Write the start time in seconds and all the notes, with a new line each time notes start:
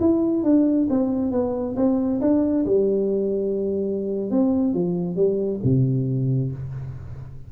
0.00 E4
0.43 D4
0.89 C4
1.31 B3
1.76 C4
2.21 D4
2.65 G3
4.30 C4
4.73 F3
5.16 G3
5.63 C3